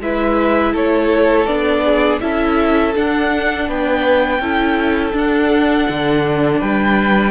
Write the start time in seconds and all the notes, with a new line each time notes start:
0.00 G#3 E4 B4 E5
0.73 A3 A4 C#5
1.46 B3 D4 D5
1.85 G#4
2.21 C#4 E4 A4 E5
2.94 D4 F#5
3.68 B3 B4 G5
4.40 C#4 E4 A4
5.13 D4 F#5
5.89 D3
6.59 G3 B4 G5